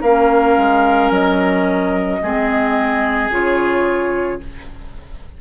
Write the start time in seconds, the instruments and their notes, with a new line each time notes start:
0.00 bassoon A#3, clarinet C#4, oboe A#4, flute F5
0.57 bassoon G#3
1.10 bassoon F#3, flute D#5
2.22 bassoon G#3, clarinet C4, oboe G#4
3.29 bassoon C#3, clarinet F4, flute C#5